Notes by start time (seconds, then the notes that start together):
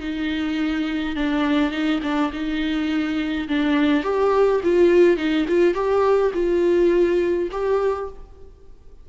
0.00 D#4
1.16 D4
1.71 D#4
2.02 D4
2.32 D#4
3.48 D4
4.03 G4
4.63 F4
5.17 D#4
5.48 F4
5.74 G4
6.34 F4
7.51 G4